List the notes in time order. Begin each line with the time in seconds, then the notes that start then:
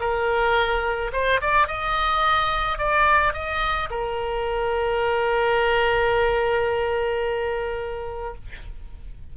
0.00 A#4
1.12 C5
1.41 D5
1.67 D#5
2.78 D5
3.33 D#5
3.90 A#4